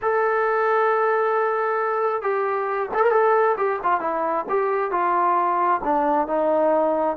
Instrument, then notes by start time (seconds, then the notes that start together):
trombone
0.02 A4
2.22 G4
2.93 A4
3.03 A#4
3.11 A4
3.57 G4
3.83 F4
4.00 E4
4.49 G4
4.91 F4
5.84 D4
6.27 D#4